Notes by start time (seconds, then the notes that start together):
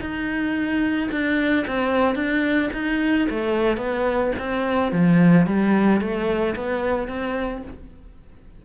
0.00 D#4
1.11 D4
1.67 C4
2.15 D4
2.73 D#4
3.30 A3
3.77 B3
4.39 C4
4.92 F3
5.46 G3
6.00 A3
6.55 B3
7.08 C4